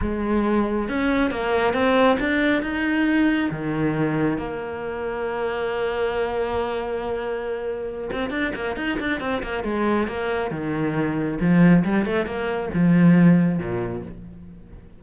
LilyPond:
\new Staff \with { instrumentName = "cello" } { \time 4/4 \tempo 4 = 137 gis2 cis'4 ais4 | c'4 d'4 dis'2 | dis2 ais2~ | ais1~ |
ais2~ ais8 c'8 d'8 ais8 | dis'8 d'8 c'8 ais8 gis4 ais4 | dis2 f4 g8 a8 | ais4 f2 ais,4 | }